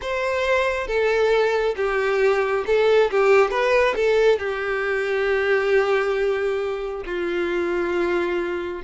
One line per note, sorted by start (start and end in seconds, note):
0.01 0.87 C5
0.87 1.75 A4
1.76 2.64 G4
2.66 3.10 A4
3.10 3.51 G4
3.51 3.95 B4
3.95 4.38 A4
4.38 7.03 G4
7.05 8.82 F4